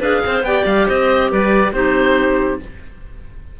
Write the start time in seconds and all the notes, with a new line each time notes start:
0.00 D4 G#4 B4 F5
0.26 C4 C5
0.43 B3 G4 D5 G5
0.66 G3 F5
0.87 C4 C5 D#5
1.31 G3 B4 D5
1.73 C4 D#4 G4 C5